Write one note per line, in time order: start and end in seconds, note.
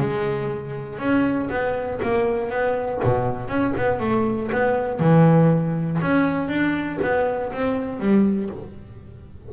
0.00 0.99 G#3
0.99 1.49 C#4
1.50 2.00 B3
2.02 2.50 A#3
2.50 3.00 B3
3.03 3.48 B2
3.48 3.73 C#4
3.77 4.00 B3
4.00 4.50 A3
4.52 5.00 B3
5.00 6.00 E3
6.02 6.49 C#4
6.49 6.99 D4
7.02 7.52 B3
7.52 8.00 C4
8.00 8.50 G3